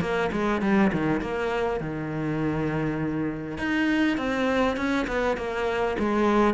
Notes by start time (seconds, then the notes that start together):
0.00 A#3
0.32 G#3
0.61 G3
0.92 D#3
1.21 A#3
1.80 D#3
3.58 D#4
4.17 C4
4.76 C#4
5.07 B3
5.37 A#3
5.99 G#3